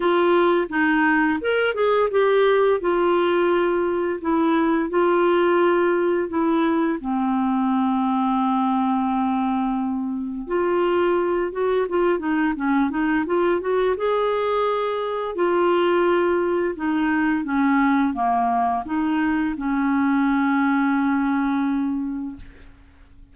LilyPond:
\new Staff \with { instrumentName = "clarinet" } { \time 4/4 \tempo 4 = 86 f'4 dis'4 ais'8 gis'8 g'4 | f'2 e'4 f'4~ | f'4 e'4 c'2~ | c'2. f'4~ |
f'8 fis'8 f'8 dis'8 cis'8 dis'8 f'8 fis'8 | gis'2 f'2 | dis'4 cis'4 ais4 dis'4 | cis'1 | }